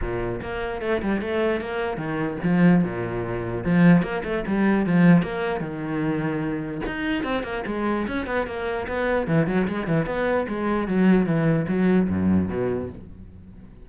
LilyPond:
\new Staff \with { instrumentName = "cello" } { \time 4/4 \tempo 4 = 149 ais,4 ais4 a8 g8 a4 | ais4 dis4 f4 ais,4~ | ais,4 f4 ais8 a8 g4 | f4 ais4 dis2~ |
dis4 dis'4 c'8 ais8 gis4 | cis'8 b8 ais4 b4 e8 fis8 | gis8 e8 b4 gis4 fis4 | e4 fis4 fis,4 b,4 | }